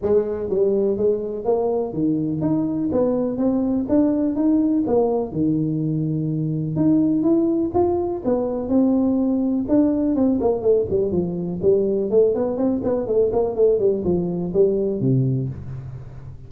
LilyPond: \new Staff \with { instrumentName = "tuba" } { \time 4/4 \tempo 4 = 124 gis4 g4 gis4 ais4 | dis4 dis'4 b4 c'4 | d'4 dis'4 ais4 dis4~ | dis2 dis'4 e'4 |
f'4 b4 c'2 | d'4 c'8 ais8 a8 g8 f4 | g4 a8 b8 c'8 b8 a8 ais8 | a8 g8 f4 g4 c4 | }